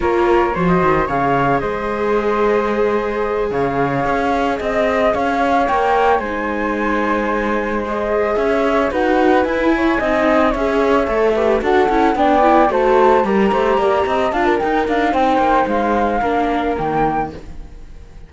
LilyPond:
<<
  \new Staff \with { instrumentName = "flute" } { \time 4/4 \tempo 4 = 111 cis''4~ cis''16 dis''8. f''4 dis''4~ | dis''2~ dis''8 f''4.~ | f''8 dis''4 f''4 g''4 gis''8~ | gis''2~ gis''8 dis''4 e''8~ |
e''8 fis''4 gis''2 e''8~ | e''4. fis''4 g''4 a''8~ | a''8 ais''2 a''8 g''8 f''8 | g''4 f''2 g''4 | }
  \new Staff \with { instrumentName = "flute" } { \time 4/4 ais'4 c''4 cis''4 c''4~ | c''2~ c''8 cis''4.~ | cis''8 dis''4 cis''2 c''8~ | c''2.~ c''8 cis''8~ |
cis''8 b'4. cis''8 dis''4 cis''8~ | cis''4 b'8 a'4 d''4 c''8~ | c''8 ais'8 c''8 d''8 dis''8 f''16 ais'4~ ais'16 | c''2 ais'2 | }
  \new Staff \with { instrumentName = "viola" } { \time 4/4 f'4 fis'4 gis'2~ | gis'1~ | gis'2~ gis'8 ais'4 dis'8~ | dis'2~ dis'8 gis'4.~ |
gis'8 fis'4 e'4 dis'4 gis'8~ | gis'8 a'8 g'8 fis'8 e'8 d'8 e'8 fis'8~ | fis'8 g'2 f'8 dis'4~ | dis'2 d'4 ais4 | }
  \new Staff \with { instrumentName = "cello" } { \time 4/4 ais4 f8 dis8 cis4 gis4~ | gis2~ gis8 cis4 cis'8~ | cis'8 c'4 cis'4 ais4 gis8~ | gis2.~ gis8 cis'8~ |
cis'8 dis'4 e'4 c'4 cis'8~ | cis'8 a4 d'8 cis'8 b4 a8~ | a8 g8 a8 ais8 c'8 d'8 dis'8 d'8 | c'8 ais8 gis4 ais4 dis4 | }
>>